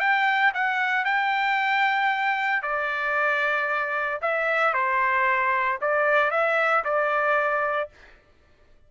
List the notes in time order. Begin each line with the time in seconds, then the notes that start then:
0.00 G5
0.54 F#5
1.05 G5
2.62 D5
4.22 E5
4.74 C5
5.81 D5
6.31 E5
6.84 D5